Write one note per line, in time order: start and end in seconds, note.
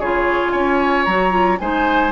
0.00 0.53 C#3
0.00 1.09 F4
0.00 0.53 G#4
0.00 0.51 C#5
0.51 1.07 C#4
0.51 1.59 C#5
0.51 1.04 G#5
1.05 1.60 F#3
1.05 1.31 F#4
1.05 1.58 A#5
1.31 1.58 F4
1.60 2.12 G#3
1.60 2.12 D#4
1.60 2.12 C5
1.60 2.12 G#5